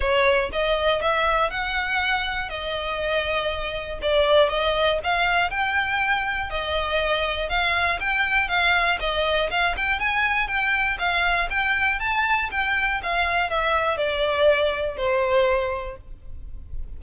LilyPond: \new Staff \with { instrumentName = "violin" } { \time 4/4 \tempo 4 = 120 cis''4 dis''4 e''4 fis''4~ | fis''4 dis''2. | d''4 dis''4 f''4 g''4~ | g''4 dis''2 f''4 |
g''4 f''4 dis''4 f''8 g''8 | gis''4 g''4 f''4 g''4 | a''4 g''4 f''4 e''4 | d''2 c''2 | }